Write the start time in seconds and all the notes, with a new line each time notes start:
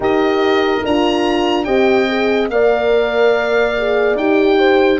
0.00 D#4 G4 A#4 D#5
0.84 D4 F4 A#5
1.64 C4 G4 D#5 G5
2.09 G#4
2.49 A#3 A#4 D5 F5
3.78 G#4
4.15 D#4 G4 G5
4.58 C5